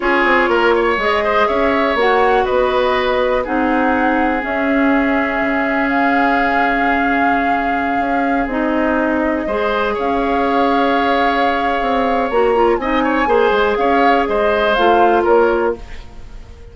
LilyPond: <<
  \new Staff \with { instrumentName = "flute" } { \time 4/4 \tempo 4 = 122 cis''2 dis''4 e''4 | fis''4 dis''2 fis''4~ | fis''4 e''2. | f''1~ |
f''4~ f''16 dis''2~ dis''8.~ | dis''16 f''2.~ f''8.~ | f''4 ais''4 gis''2 | f''4 dis''4 f''4 cis''4 | }
  \new Staff \with { instrumentName = "oboe" } { \time 4/4 gis'4 ais'8 cis''4 c''8 cis''4~ | cis''4 b'2 gis'4~ | gis'1~ | gis'1~ |
gis'2.~ gis'16 c''8.~ | c''16 cis''2.~ cis''8.~ | cis''2 dis''8 cis''8 c''4 | cis''4 c''2 ais'4 | }
  \new Staff \with { instrumentName = "clarinet" } { \time 4/4 f'2 gis'2 | fis'2. dis'4~ | dis'4 cis'2.~ | cis'1~ |
cis'4~ cis'16 dis'2 gis'8.~ | gis'1~ | gis'4 fis'8 f'8 dis'4 gis'4~ | gis'2 f'2 | }
  \new Staff \with { instrumentName = "bassoon" } { \time 4/4 cis'8 c'8 ais4 gis4 cis'4 | ais4 b2 c'4~ | c'4 cis'2 cis4~ | cis1~ |
cis16 cis'4 c'2 gis8.~ | gis16 cis'2.~ cis'8. | c'4 ais4 c'4 ais8 gis8 | cis'4 gis4 a4 ais4 | }
>>